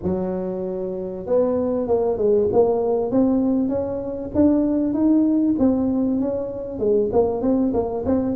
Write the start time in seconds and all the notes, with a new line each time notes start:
0.02 F#3
1.26 B3
1.87 A#3
2.17 G#3
2.52 A#3
3.11 C4
3.68 C#4
4.34 D4
4.93 D#4
5.58 C4
6.20 C#4
6.79 G#3
7.12 A#3
7.41 C4
7.73 A#3
8.05 C4